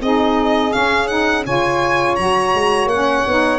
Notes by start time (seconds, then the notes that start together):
0.00 C4 D#4 G#4 D#5
0.70 C#4 F5
1.07 D#4 F#5
1.45 C#3 F4 C#5 G#5
2.15 F#3 F#4 A#5
2.53 G#3
2.86 A#3 C#4 F#5
3.27 B3 D#4